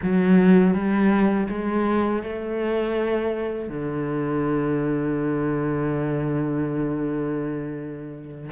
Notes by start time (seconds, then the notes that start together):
0.02 F#3
0.73 G3
1.49 G#3
2.22 A3
3.68 D3